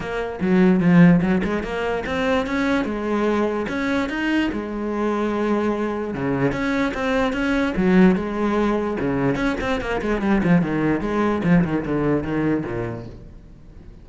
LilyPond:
\new Staff \with { instrumentName = "cello" } { \time 4/4 \tempo 4 = 147 ais4 fis4 f4 fis8 gis8 | ais4 c'4 cis'4 gis4~ | gis4 cis'4 dis'4 gis4~ | gis2. cis4 |
cis'4 c'4 cis'4 fis4 | gis2 cis4 cis'8 c'8 | ais8 gis8 g8 f8 dis4 gis4 | f8 dis8 d4 dis4 ais,4 | }